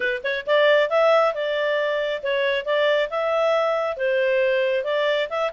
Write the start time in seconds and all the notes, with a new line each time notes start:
0.00 B4
0.23 C#5
0.46 D5
0.89 E5
1.34 D5
2.22 C#5
2.65 D5
3.10 E5
3.96 C5
4.84 D5
5.29 E5